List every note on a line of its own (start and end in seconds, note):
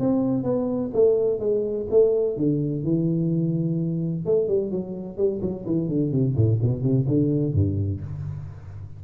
0.00 0.44 C4
0.44 0.91 B3
0.94 1.40 A3
1.40 1.87 G#3
1.91 2.37 A3
2.37 2.84 D3
2.84 4.26 E3
4.26 4.48 A3
4.48 4.72 G3
4.72 5.17 F#3
5.17 5.41 G3
5.42 5.65 F#3
5.66 5.89 E3
5.89 6.12 D3
6.12 6.36 C3
6.37 6.60 A2
6.62 6.83 B2
6.83 7.06 C3
7.08 7.54 D3
7.54 8.01 G2